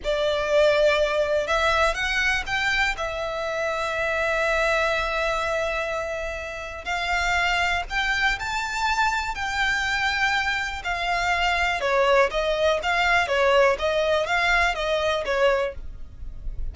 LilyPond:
\new Staff \with { instrumentName = "violin" } { \time 4/4 \tempo 4 = 122 d''2. e''4 | fis''4 g''4 e''2~ | e''1~ | e''2 f''2 |
g''4 a''2 g''4~ | g''2 f''2 | cis''4 dis''4 f''4 cis''4 | dis''4 f''4 dis''4 cis''4 | }